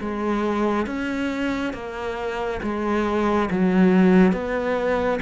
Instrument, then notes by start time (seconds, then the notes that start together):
cello
0.00 G#3
0.86 C#4
1.73 A#3
2.62 G#3
3.50 F#3
4.32 B3